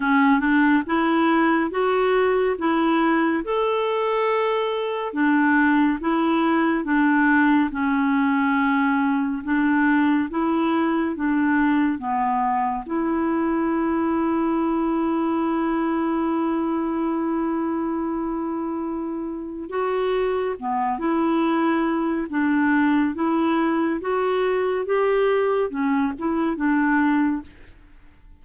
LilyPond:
\new Staff \with { instrumentName = "clarinet" } { \time 4/4 \tempo 4 = 70 cis'8 d'8 e'4 fis'4 e'4 | a'2 d'4 e'4 | d'4 cis'2 d'4 | e'4 d'4 b4 e'4~ |
e'1~ | e'2. fis'4 | b8 e'4. d'4 e'4 | fis'4 g'4 cis'8 e'8 d'4 | }